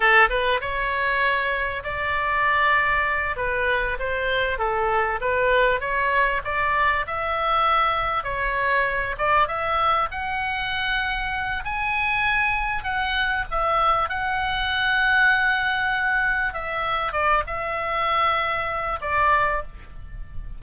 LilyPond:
\new Staff \with { instrumentName = "oboe" } { \time 4/4 \tempo 4 = 98 a'8 b'8 cis''2 d''4~ | d''4. b'4 c''4 a'8~ | a'8 b'4 cis''4 d''4 e''8~ | e''4. cis''4. d''8 e''8~ |
e''8 fis''2~ fis''8 gis''4~ | gis''4 fis''4 e''4 fis''4~ | fis''2. e''4 | d''8 e''2~ e''8 d''4 | }